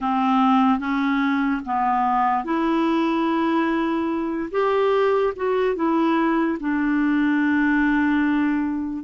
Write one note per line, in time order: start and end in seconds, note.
0.00 0.79 C4
0.79 1.61 C#4
1.65 2.44 B3
2.44 4.50 E4
4.51 5.33 G4
5.36 5.75 F#4
5.75 6.58 E4
6.60 9.03 D4